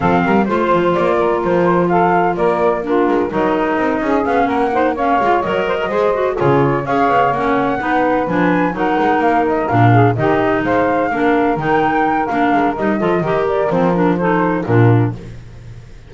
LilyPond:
<<
  \new Staff \with { instrumentName = "flute" } { \time 4/4 \tempo 4 = 127 f''4 c''4 d''4 c''4 | f''4 d''4 ais'4 dis''4~ | dis''4 f''8 fis''4 f''4 dis''8~ | dis''4. cis''4 f''4 fis''8~ |
fis''4. gis''4 fis''4 f''8 | dis''8 f''4 dis''4 f''4.~ | f''8 g''4. f''4 dis''4~ | dis''8 d''8 c''8 ais'8 c''4 ais'4 | }
  \new Staff \with { instrumentName = "saxophone" } { \time 4/4 a'8 ais'8 c''4. ais'4. | a'4 ais'4 f'4 ais'4~ | ais'8 gis'4 ais'8 c''8 cis''4. | c''16 ais'16 c''4 gis'4 cis''4.~ |
cis''8 b'2 ais'4.~ | ais'4 gis'8 g'4 c''4 ais'8~ | ais'2.~ ais'8 a'8 | ais'2 a'4 f'4 | }
  \new Staff \with { instrumentName = "clarinet" } { \time 4/4 c'4 f'2.~ | f'2 d'4 dis'4~ | dis'4 cis'4 dis'8 cis'8 f'8 ais'8~ | ais'8 gis'8 fis'8 f'4 gis'4 cis'8~ |
cis'8 dis'4 d'4 dis'4.~ | dis'8 d'4 dis'2 d'8~ | d'8 dis'4. d'4 dis'8 f'8 | g'4 c'8 d'8 dis'4 d'4 | }
  \new Staff \with { instrumentName = "double bass" } { \time 4/4 f8 g8 a8 f8 ais4 f4~ | f4 ais4. gis8 fis4 | c'8 cis'8 b8 ais4. gis8 fis8~ | fis8 gis4 cis4 cis'8 b8 ais8~ |
ais8 b4 f4 fis8 gis8 ais8~ | ais8 ais,4 dis4 gis4 ais8~ | ais8 dis4. ais8 gis8 g8 f8 | dis4 f2 ais,4 | }
>>